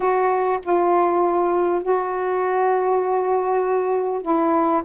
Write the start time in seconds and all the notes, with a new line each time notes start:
0.00 F#4
0.62 F4
1.82 F#4
4.21 E4